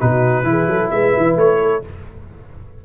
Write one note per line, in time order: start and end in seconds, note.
0.00 0.43 B2
0.00 0.45 D#4
0.00 0.47 F#4
0.00 0.90 B4
0.43 0.66 E3
0.43 1.82 E4
0.50 0.69 G#4
0.67 0.90 F#3
0.67 0.91 A4
0.90 1.15 G#3
0.90 1.60 B4
0.90 1.36 E5
1.17 1.37 E3
1.37 1.82 A3
1.37 1.84 C#5
1.62 1.85 A4